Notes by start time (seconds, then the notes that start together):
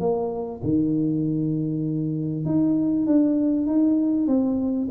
0.00 A#3
0.63 D#3
2.45 D#4
3.06 D4
3.67 D#4
4.27 C4